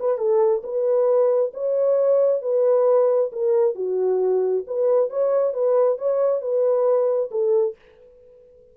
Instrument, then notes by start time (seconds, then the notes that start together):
horn
0.00 B4
0.18 A4
0.64 B4
1.54 C#5
2.42 B4
3.32 A#4
3.75 F#4
4.67 B4
5.10 C#5
5.54 B4
5.98 C#5
6.41 B4
7.31 A4